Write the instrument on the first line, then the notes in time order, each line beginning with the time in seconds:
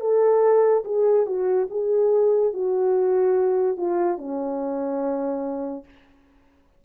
horn
0.00 A4
0.84 G#4
1.26 F#4
1.70 G#4
2.53 F#4
3.77 F4
4.17 C#4